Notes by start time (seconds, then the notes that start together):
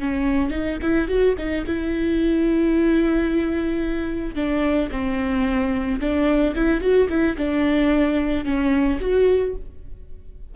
0.00 C#4
0.51 D#4
0.82 E4
1.08 F#4
1.38 D#4
1.67 E4
4.35 D4
4.91 C4
6.00 D4
6.56 E4
6.81 F#4
7.09 E4
7.37 D4
8.45 C#4
9.00 F#4